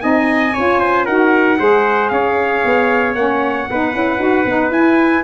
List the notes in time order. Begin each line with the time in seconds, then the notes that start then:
0.00 C4 D#4 D#5 G#5
0.53 C#4 F4 C#5
0.80 C5
1.05 D#4 F#4 A#4 F#5
1.58 G#3 G#4 C5
2.08 C#4 C#5 F5
2.64 B3
3.15 A#3 C#4 F#5
3.70 B3 D#4 B4
3.94 C#4 E4
4.18 D#4 F#4
4.45 B3 D#4
4.70 E4 G#5